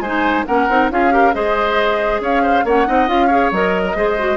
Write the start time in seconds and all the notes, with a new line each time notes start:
0.00 G#3 D#4 C5 G#5
0.46 A#3 C#4 A#4 F#5
0.69 C4 D#4
0.91 C#4 F4 G#4 F5
1.11 G4 A#4
1.34 G#3 G#4 C5 D#5
2.20 C#4 C#5 F5
2.43 C5
2.64 A#3 C#4 C#5 F#5
2.87 C4 D#4 D#5
3.08 C#4 F4 F5
3.27 G#4 C#5
3.52 F#3 A#4 D#5
3.86 A#4
3.95 G#3 G#4 C5
4.19 F#4